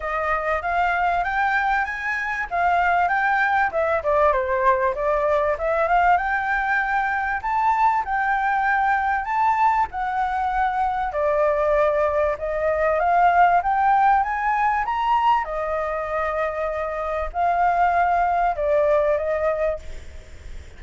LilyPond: \new Staff \with { instrumentName = "flute" } { \time 4/4 \tempo 4 = 97 dis''4 f''4 g''4 gis''4 | f''4 g''4 e''8 d''8 c''4 | d''4 e''8 f''8 g''2 | a''4 g''2 a''4 |
fis''2 d''2 | dis''4 f''4 g''4 gis''4 | ais''4 dis''2. | f''2 d''4 dis''4 | }